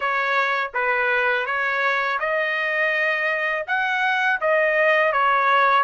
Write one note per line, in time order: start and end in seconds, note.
0.00 0.71 C#5
0.74 1.45 B4
1.45 2.19 C#5
2.19 3.66 D#5
3.67 4.40 F#5
4.40 5.12 D#5
5.12 5.83 C#5